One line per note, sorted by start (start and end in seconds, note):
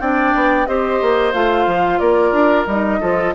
0.00 0.34 C4
0.00 0.67 D4
0.00 0.68 D5
0.00 0.66 G5
0.35 0.67 B3
0.66 1.01 C4
0.66 1.34 G4
0.66 2.00 C5
0.66 1.33 D#5
1.02 1.33 A#3
1.33 1.67 A3
1.33 2.67 F4
1.33 1.99 F5
1.67 2.00 F3
1.99 2.32 A#3
1.99 3.00 A#4
1.99 2.66 D5
2.32 2.65 D4
2.67 3.00 G3
2.67 3.01 D#4
2.67 3.34 D#5
3.00 3.35 F3
3.00 3.35 F4
3.00 3.34 A4